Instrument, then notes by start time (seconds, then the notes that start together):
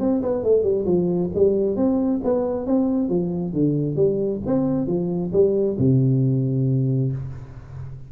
tuba
0.00 C4
0.22 B3
0.44 A3
0.63 G3
0.86 F3
1.35 G3
1.77 C4
2.24 B3
2.67 C4
3.10 F3
3.53 D3
3.96 G3
4.47 C4
4.87 F3
5.33 G3
5.79 C3